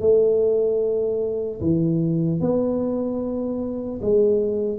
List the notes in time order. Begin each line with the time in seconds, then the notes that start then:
0.00 A3
1.60 E3
2.40 B3
4.01 G#3